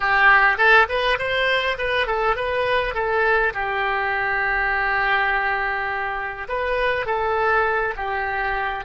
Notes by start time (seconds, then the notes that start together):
0.00 G4
0.57 A4
0.88 B4
1.18 C5
1.78 B4
2.06 A4
2.35 B4
2.94 A4
3.53 G4
6.48 B4
7.06 A4
7.96 G4